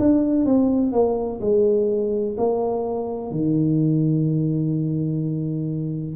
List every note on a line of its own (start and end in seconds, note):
0.00 0.46 D4
0.46 0.93 C4
0.93 1.40 A#3
1.41 2.36 G#3
2.38 3.31 A#3
3.31 6.16 D#3